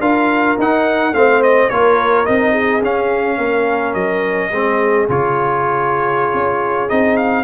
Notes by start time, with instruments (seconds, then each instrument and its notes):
0.00 tuba D4, trombone F4, horn A#4, trumpet F5
0.59 tuba D#4, trombone D#4, trumpet F#5
1.13 tuba A3, trombone C4, horn C5, trumpet F5
1.43 trumpet D#5
1.70 tuba A#3, trombone F4, horn A#4, trumpet C#5
2.25 tuba C4, trombone D#4, trumpet D#5
2.52 horn G#4
2.82 tuba C#4, trombone C#4, trumpet F5
3.38 tuba A#3, horn A#4
3.94 tuba F#3, trumpet D#5
4.52 tuba G#3, trombone C4, horn G#4
5.09 tuba C#3, trombone F4, trumpet C#5
6.34 tuba C#4
6.89 tuba C4, trombone D#4, trumpet D#5
7.17 trumpet F5